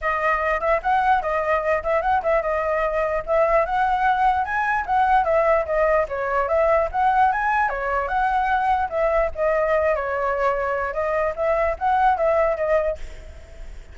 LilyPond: \new Staff \with { instrumentName = "flute" } { \time 4/4 \tempo 4 = 148 dis''4. e''8 fis''4 dis''4~ | dis''8 e''8 fis''8 e''8 dis''2 | e''4 fis''2 gis''4 | fis''4 e''4 dis''4 cis''4 |
e''4 fis''4 gis''4 cis''4 | fis''2 e''4 dis''4~ | dis''8 cis''2~ cis''8 dis''4 | e''4 fis''4 e''4 dis''4 | }